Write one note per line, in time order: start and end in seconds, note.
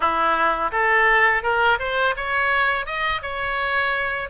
0.00 0.71 E4
0.71 1.42 A4
1.42 1.78 A#4
1.79 2.14 C5
2.16 2.85 C#5
2.85 3.21 D#5
3.22 4.29 C#5